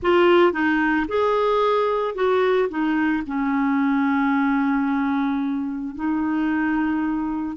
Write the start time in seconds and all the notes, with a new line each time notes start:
0.02 F4
0.52 D#4
1.08 G#4
2.14 F#4
2.69 D#4
3.26 C#4
5.95 D#4